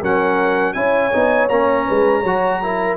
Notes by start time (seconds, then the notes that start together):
0.00 F#3 C#4 A#4 F#5
0.73 C#4 E4 C#5 G#5
1.12 B3 D#4
1.49 A#3 C#4 A#5
1.86 G#3 B4
2.20 F#3 F#4 C#5
2.62 E4 A#4